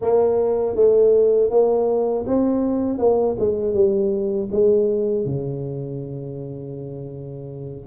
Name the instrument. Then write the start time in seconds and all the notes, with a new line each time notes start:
tuba
0.01 A#3
0.75 A3
1.50 A#3
2.27 C4
2.98 A#3
3.39 G#3
3.74 G3
4.51 G#3
5.25 C#3